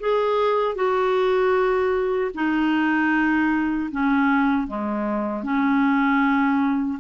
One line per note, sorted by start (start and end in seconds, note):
0.00 0.76 G#4
0.76 2.32 F#4
2.34 3.90 D#4
3.91 4.68 C#4
4.68 5.44 G#3
5.44 7.00 C#4